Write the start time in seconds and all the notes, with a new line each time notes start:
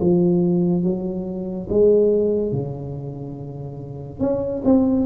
0.00 F3
0.83 F#3
1.69 G#3
2.52 C#3
4.20 C#4
4.65 C4